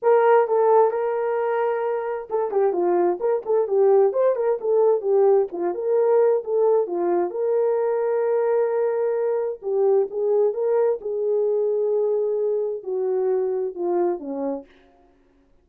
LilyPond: \new Staff \with { instrumentName = "horn" } { \time 4/4 \tempo 4 = 131 ais'4 a'4 ais'2~ | ais'4 a'8 g'8 f'4 ais'8 a'8 | g'4 c''8 ais'8 a'4 g'4 | f'8 ais'4. a'4 f'4 |
ais'1~ | ais'4 g'4 gis'4 ais'4 | gis'1 | fis'2 f'4 cis'4 | }